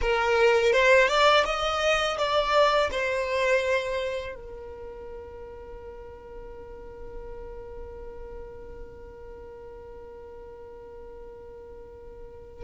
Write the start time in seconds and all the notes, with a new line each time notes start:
0.01 A#4
0.72 C5
1.08 D5
1.45 D#5
2.18 D5
2.91 C5
4.35 A#4